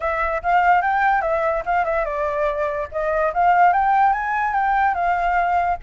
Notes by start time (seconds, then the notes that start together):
0.00 E5
0.42 F5
0.81 G5
1.21 E5
1.65 F5
1.84 E5
2.05 D5
2.91 D#5
3.33 F5
3.72 G5
4.12 G#5
4.54 G5
4.94 F5